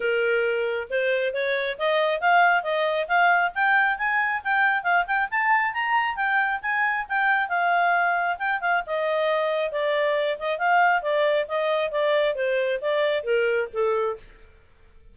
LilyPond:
\new Staff \with { instrumentName = "clarinet" } { \time 4/4 \tempo 4 = 136 ais'2 c''4 cis''4 | dis''4 f''4 dis''4 f''4 | g''4 gis''4 g''4 f''8 g''8 | a''4 ais''4 g''4 gis''4 |
g''4 f''2 g''8 f''8 | dis''2 d''4. dis''8 | f''4 d''4 dis''4 d''4 | c''4 d''4 ais'4 a'4 | }